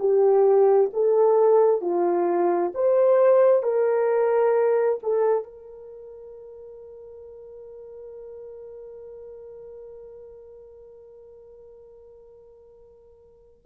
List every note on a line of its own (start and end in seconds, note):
0.00 0.91 G4
0.93 1.82 A4
1.82 2.73 F4
2.75 3.63 C5
3.63 5.00 A#4
5.03 5.44 A4
5.44 13.62 A#4